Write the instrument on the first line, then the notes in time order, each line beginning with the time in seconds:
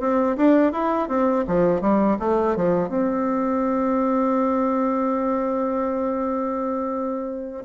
bassoon
0.00 C4
0.37 D4
0.73 E4
1.08 C4
1.47 F3
1.81 G3
2.20 A3
2.56 F3
2.89 C4